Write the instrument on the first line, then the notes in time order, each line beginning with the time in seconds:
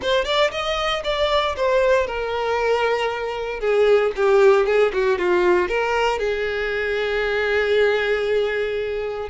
violin
0.01 C5
0.24 D5
0.51 D#5
1.04 D5
1.56 C5
2.07 A#4
3.60 G#4
4.15 G4
4.66 G#4
4.93 F#4
5.18 F4
5.68 A#4
6.18 G#4